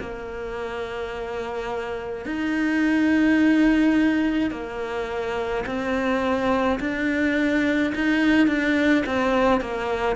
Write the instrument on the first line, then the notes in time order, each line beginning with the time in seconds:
cello
0.00 A#3
2.26 D#4
4.51 A#3
5.66 C4
6.80 D4
7.95 D#4
8.48 D4
9.06 C4
9.61 A#3